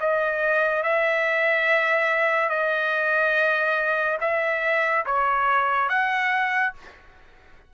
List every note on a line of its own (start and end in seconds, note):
0.00 0.83 D#5
0.83 2.49 E5
2.49 4.18 D#5
4.21 5.05 E5
5.06 5.89 C#5
5.89 6.74 F#5